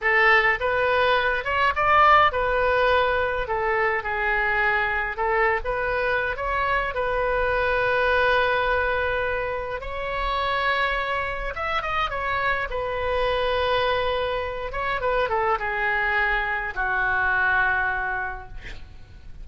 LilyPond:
\new Staff \with { instrumentName = "oboe" } { \time 4/4 \tempo 4 = 104 a'4 b'4. cis''8 d''4 | b'2 a'4 gis'4~ | gis'4 a'8. b'4~ b'16 cis''4 | b'1~ |
b'4 cis''2. | e''8 dis''8 cis''4 b'2~ | b'4. cis''8 b'8 a'8 gis'4~ | gis'4 fis'2. | }